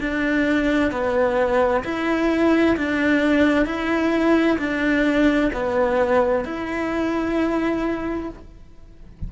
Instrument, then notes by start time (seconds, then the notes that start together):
cello
0.00 D4
0.91 B3
1.84 E4
2.77 D4
3.65 E4
4.58 D4
5.53 B3
6.44 E4